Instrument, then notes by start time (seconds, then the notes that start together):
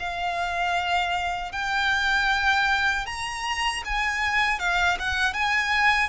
violin
0.00 F5
1.52 G5
3.07 A#5
3.85 G#5
4.60 F5
5.00 F#5
5.34 G#5